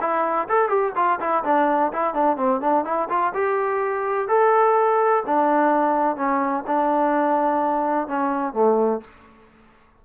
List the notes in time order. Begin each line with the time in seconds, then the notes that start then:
0.00 E4
0.48 A4
0.68 G4
0.95 F4
1.19 E4
1.44 D4
1.93 E4
2.13 D4
2.37 C4
2.61 D4
2.84 E4
3.09 F4
3.34 G4
4.27 A4
5.26 D4
6.16 C#4
6.67 D4
8.07 C#4
8.53 A3